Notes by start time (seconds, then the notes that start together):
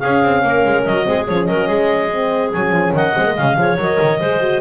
0.00 C#4 G#4 F5
0.23 C4
0.44 A#3 A#4
0.65 G#3
0.85 F#3 D#5
1.04 G#3 C4 G#4
1.28 F3 C#4 C#5
1.45 F#3 A#4 D#5
1.68 G#3 G#4
2.12 C4
2.53 F#3 C#4 G#5
2.71 F3
2.93 D#3 D#5 F#5
3.15 G#3 C4
3.25 A#3
3.35 C#3 G#3 F5
3.56 F3 G#4 C#5
3.78 F#3 A#4 D#5
4.02 D#3
4.20 G#3 G#4 C5
4.40 F#4